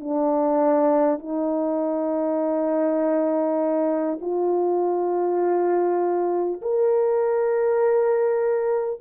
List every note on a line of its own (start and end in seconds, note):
0.00 1.19 D4
1.19 4.19 D#4
4.22 6.62 F4
6.62 9.01 A#4